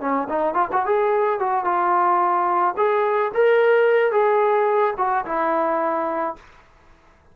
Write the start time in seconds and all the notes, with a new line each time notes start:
0.00 C#4
0.29 D#4
0.54 F4
0.72 F#4
0.86 G#4
1.39 F#4
1.64 F4
2.76 G#4
3.34 A#4
4.12 G#4
4.97 F#4
5.25 E4